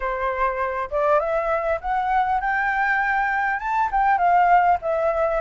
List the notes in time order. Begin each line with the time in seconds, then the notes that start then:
0.00 C5
0.90 D5
1.19 E5
1.80 F#5
2.41 G5
3.59 A5
3.91 G5
4.18 F5
4.81 E5